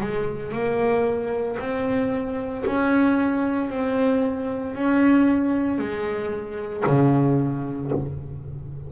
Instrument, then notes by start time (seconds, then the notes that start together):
double bass
0.00 G#3
0.52 A#3
1.59 C4
2.66 C#4
3.69 C4
4.75 C#4
5.78 G#3
6.86 C#3